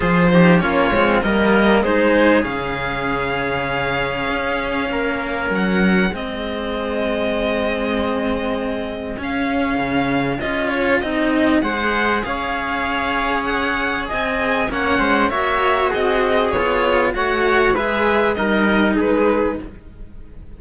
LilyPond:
<<
  \new Staff \with { instrumentName = "violin" } { \time 4/4 \tempo 4 = 98 c''4 cis''4 dis''4 c''4 | f''1~ | f''4 fis''4 dis''2~ | dis''2. f''4~ |
f''4 dis''8 cis''8 dis''4 fis''4 | f''2 fis''4 gis''4 | fis''4 e''4 dis''4 cis''4 | fis''4 e''4 dis''4 b'4 | }
  \new Staff \with { instrumentName = "trumpet" } { \time 4/4 gis'8 g'8 f'4 ais'4 gis'4~ | gis'1 | ais'2 gis'2~ | gis'1~ |
gis'2. c''4 | cis''2. dis''4 | cis''8 c''8 cis''4 gis'2 | cis''4 b'4 ais'4 gis'4 | }
  \new Staff \with { instrumentName = "cello" } { \time 4/4 f'8 dis'8 cis'8 c'8 ais4 dis'4 | cis'1~ | cis'2 c'2~ | c'2. cis'4~ |
cis'4 f'4 dis'4 gis'4~ | gis'1 | cis'4 fis'2 f'4 | fis'4 gis'4 dis'2 | }
  \new Staff \with { instrumentName = "cello" } { \time 4/4 f4 ais8 gis8 g4 gis4 | cis2. cis'4 | ais4 fis4 gis2~ | gis2. cis'4 |
cis4 cis'4 c'4 gis4 | cis'2. c'4 | ais8 gis8 ais4 c'4 b4 | a4 gis4 g4 gis4 | }
>>